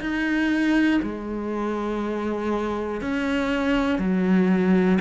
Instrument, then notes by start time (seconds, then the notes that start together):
cello
0.00 D#4
1.02 G#3
3.01 C#4
3.99 F#3